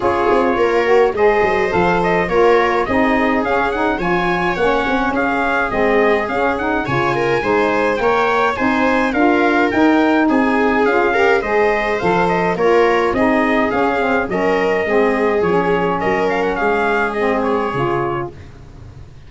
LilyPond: <<
  \new Staff \with { instrumentName = "trumpet" } { \time 4/4 \tempo 4 = 105 cis''2 dis''4 f''8 dis''8 | cis''4 dis''4 f''8 fis''8 gis''4 | fis''4 f''4 dis''4 f''8 fis''8 | gis''2 g''4 gis''4 |
f''4 g''4 gis''4 f''4 | dis''4 f''8 dis''8 cis''4 dis''4 | f''4 dis''2 cis''4 | dis''8 f''16 fis''16 f''4 dis''8 cis''4. | }
  \new Staff \with { instrumentName = "viola" } { \time 4/4 gis'4 ais'4 c''2 | ais'4 gis'2 cis''4~ | cis''4 gis'2. | cis''8 ais'8 c''4 cis''4 c''4 |
ais'2 gis'4. ais'8 | c''2 ais'4 gis'4~ | gis'4 ais'4 gis'2 | ais'4 gis'2. | }
  \new Staff \with { instrumentName = "saxophone" } { \time 4/4 f'4. fis'8 gis'4 a'4 | f'4 dis'4 cis'8 dis'8 f'4 | cis'2 c'4 cis'8 dis'8 | f'4 dis'4 ais'4 dis'4 |
f'4 dis'2 f'8 g'8 | gis'4 a'4 f'4 dis'4 | cis'8 c'8 cis'4 c'4 cis'4~ | cis'2 c'4 f'4 | }
  \new Staff \with { instrumentName = "tuba" } { \time 4/4 cis'8 c'8 ais4 gis8 fis8 f4 | ais4 c'4 cis'4 f4 | ais8 c'8 cis'4 gis4 cis'4 | cis4 gis4 ais4 c'4 |
d'4 dis'4 c'4 cis'4 | gis4 f4 ais4 c'4 | cis'4 fis4 gis4 f4 | fis4 gis2 cis4 | }
>>